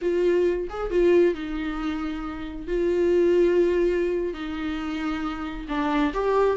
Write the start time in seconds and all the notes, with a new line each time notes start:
0.01 F4
0.69 G#4
0.90 F4
1.34 D#4
2.67 F4
4.33 D#4
5.68 D4
6.13 G4